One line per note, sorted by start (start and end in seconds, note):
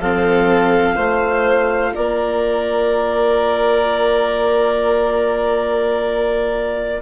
0.00 0.97 F3
0.00 0.95 C4
0.00 0.96 A4
0.00 1.95 F5
0.95 1.94 A3
0.95 7.00 F4
0.95 1.92 C5
1.95 7.02 A#3
1.95 7.02 A#4
1.95 7.02 D5